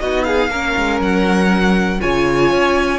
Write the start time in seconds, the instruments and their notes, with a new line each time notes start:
0.00 cello B3, viola D#4, violin F#4 D#5
0.24 violin G#4 F5
0.49 cello A#3, viola C#4, violin A#4
0.78 cello G#3
1.00 cello F#3, violin F#5
2.01 cello C#3, viola F4, violin C#5 G#5
2.52 cello C#4